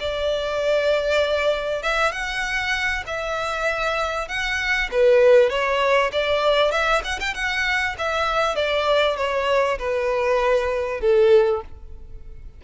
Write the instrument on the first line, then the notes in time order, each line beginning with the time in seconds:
violin
0.00 D5
1.83 E5
2.12 F#5
3.07 E5
4.28 F#5
4.92 B4
5.50 C#5
6.13 D5
6.72 E5
7.05 F#5
7.20 G5
7.35 F#5
7.98 E5
8.56 D5
9.17 C#5
9.79 B4
11.01 A4